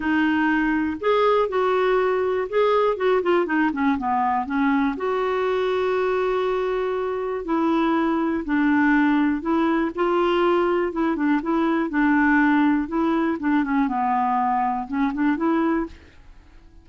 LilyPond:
\new Staff \with { instrumentName = "clarinet" } { \time 4/4 \tempo 4 = 121 dis'2 gis'4 fis'4~ | fis'4 gis'4 fis'8 f'8 dis'8 cis'8 | b4 cis'4 fis'2~ | fis'2. e'4~ |
e'4 d'2 e'4 | f'2 e'8 d'8 e'4 | d'2 e'4 d'8 cis'8 | b2 cis'8 d'8 e'4 | }